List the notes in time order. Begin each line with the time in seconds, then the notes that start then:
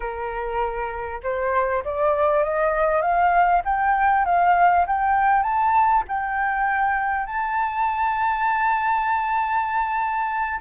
0.00 A#4
1.23 C5
1.84 D5
2.43 D#5
3.01 F5
3.64 G5
4.25 F5
4.87 G5
5.42 A5
6.08 G5
7.26 A5